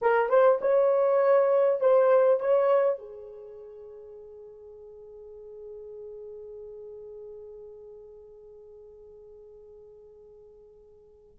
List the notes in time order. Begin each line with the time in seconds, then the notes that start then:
0.01 A#4
0.29 C5
0.61 C#5
1.80 C5
2.40 C#5
2.98 G#4